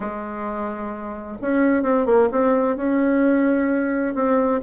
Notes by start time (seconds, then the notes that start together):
0.00 G#3
1.41 C#4
1.83 C4
2.05 A#3
2.31 C4
2.76 C#4
4.14 C4